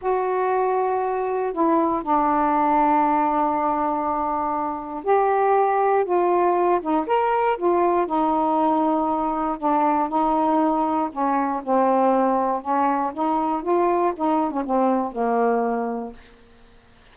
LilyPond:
\new Staff \with { instrumentName = "saxophone" } { \time 4/4 \tempo 4 = 119 fis'2. e'4 | d'1~ | d'2 g'2 | f'4. dis'8 ais'4 f'4 |
dis'2. d'4 | dis'2 cis'4 c'4~ | c'4 cis'4 dis'4 f'4 | dis'8. cis'16 c'4 ais2 | }